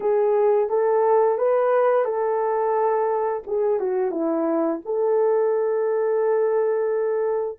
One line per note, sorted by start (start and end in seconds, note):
0.00 0.69 G#4
0.69 1.38 A4
1.38 2.04 B4
2.04 3.42 A4
3.47 3.79 G#4
3.79 4.11 F#4
4.11 4.80 E4
4.85 7.59 A4